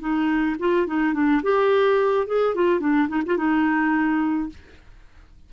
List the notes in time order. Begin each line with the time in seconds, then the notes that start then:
0.00 D#4
0.59 F4
0.87 D#4
1.14 D4
1.43 G4
2.27 G#4
2.55 F4
2.80 D4
3.08 D#4
3.26 F4
3.37 D#4